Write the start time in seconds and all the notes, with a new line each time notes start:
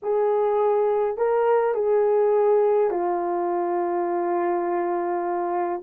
0.02 G#4
1.17 A#4
1.74 G#4
2.90 F4